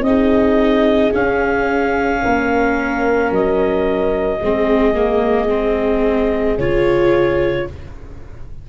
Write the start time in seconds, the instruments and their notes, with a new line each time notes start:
0.00 tuba C4, viola D#4, clarinet D#5
0.06 horn G#4
1.11 viola C#4, tuba C#4, clarinet F5
2.22 tuba A#3, horn A#4
3.31 tuba F#3, clarinet D#5
4.40 tuba G#3, viola C4, horn G#4
4.94 viola A#3
5.49 viola C4
6.58 tuba C#3, viola F4, clarinet C#5